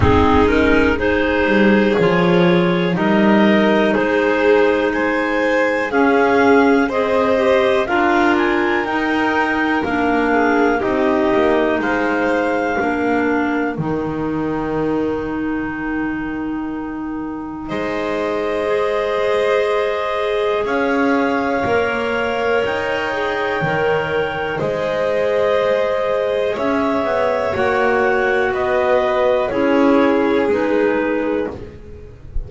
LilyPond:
<<
  \new Staff \with { instrumentName = "clarinet" } { \time 4/4 \tempo 4 = 61 gis'8 ais'8 c''4 cis''4 dis''4 | c''4 gis''4 f''4 dis''4 | f''8 gis''8 g''4 f''4 dis''4 | f''2 g''2~ |
g''2 dis''2~ | dis''4 f''2 g''4~ | g''4 dis''2 e''4 | fis''4 dis''4 cis''4 b'4 | }
  \new Staff \with { instrumentName = "violin" } { \time 4/4 dis'4 gis'2 ais'4 | gis'4 c''4 gis'4 c''4 | ais'2~ ais'8 gis'8 g'4 | c''4 ais'2.~ |
ais'2 c''2~ | c''4 cis''2.~ | cis''4 c''2 cis''4~ | cis''4 b'4 gis'2 | }
  \new Staff \with { instrumentName = "clarinet" } { \time 4/4 c'8 cis'8 dis'4 f'4 dis'4~ | dis'2 cis'4 gis'8 g'8 | f'4 dis'4 d'4 dis'4~ | dis'4 d'4 dis'2~ |
dis'2. gis'4~ | gis'2 ais'4. gis'8 | ais'4 gis'2. | fis'2 e'4 dis'4 | }
  \new Staff \with { instrumentName = "double bass" } { \time 4/4 gis4. g8 f4 g4 | gis2 cis'4 c'4 | d'4 dis'4 ais4 c'8 ais8 | gis4 ais4 dis2~ |
dis2 gis2~ | gis4 cis'4 ais4 dis'4 | dis4 gis2 cis'8 b8 | ais4 b4 cis'4 gis4 | }
>>